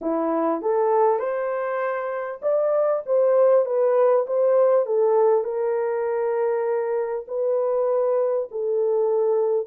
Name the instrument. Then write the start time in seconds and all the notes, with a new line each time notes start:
horn
0.01 E4
0.61 A4
1.19 C5
2.42 D5
3.06 C5
3.65 B4
4.26 C5
4.86 A4
5.44 A#4
7.27 B4
8.51 A4